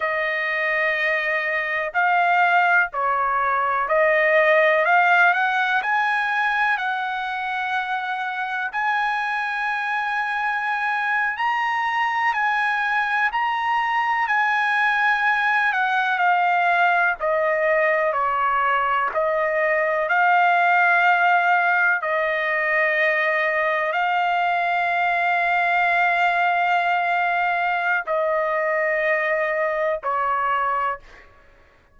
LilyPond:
\new Staff \with { instrumentName = "trumpet" } { \time 4/4 \tempo 4 = 62 dis''2 f''4 cis''4 | dis''4 f''8 fis''8 gis''4 fis''4~ | fis''4 gis''2~ gis''8. ais''16~ | ais''8. gis''4 ais''4 gis''4~ gis''16~ |
gis''16 fis''8 f''4 dis''4 cis''4 dis''16~ | dis''8. f''2 dis''4~ dis''16~ | dis''8. f''2.~ f''16~ | f''4 dis''2 cis''4 | }